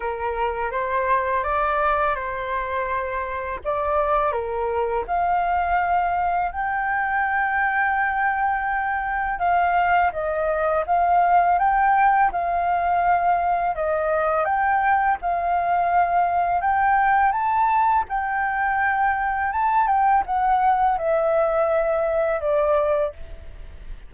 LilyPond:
\new Staff \with { instrumentName = "flute" } { \time 4/4 \tempo 4 = 83 ais'4 c''4 d''4 c''4~ | c''4 d''4 ais'4 f''4~ | f''4 g''2.~ | g''4 f''4 dis''4 f''4 |
g''4 f''2 dis''4 | g''4 f''2 g''4 | a''4 g''2 a''8 g''8 | fis''4 e''2 d''4 | }